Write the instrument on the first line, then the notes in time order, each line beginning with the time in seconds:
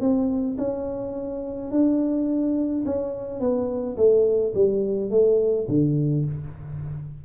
tuba
0.00 C4
0.58 C#4
1.71 D4
2.85 C#4
3.40 B3
3.96 A3
4.54 G3
5.10 A3
5.68 D3